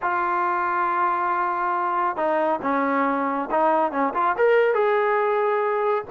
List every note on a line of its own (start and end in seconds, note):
0.02 2.16 F4
2.16 2.59 D#4
2.62 3.49 C#4
3.50 3.91 D#4
3.91 4.13 C#4
4.14 4.35 F4
4.37 4.74 A#4
4.74 6.04 G#4